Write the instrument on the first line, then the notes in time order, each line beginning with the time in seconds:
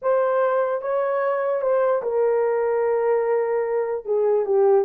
horn
0.02 C5
0.81 C#5
1.61 C5
2.02 A#4
4.05 G#4
4.45 G4